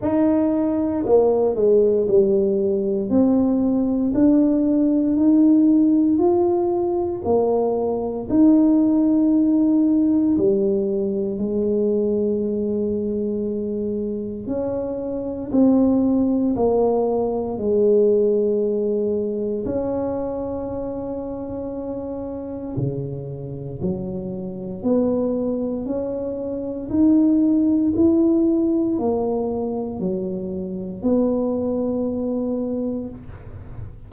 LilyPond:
\new Staff \with { instrumentName = "tuba" } { \time 4/4 \tempo 4 = 58 dis'4 ais8 gis8 g4 c'4 | d'4 dis'4 f'4 ais4 | dis'2 g4 gis4~ | gis2 cis'4 c'4 |
ais4 gis2 cis'4~ | cis'2 cis4 fis4 | b4 cis'4 dis'4 e'4 | ais4 fis4 b2 | }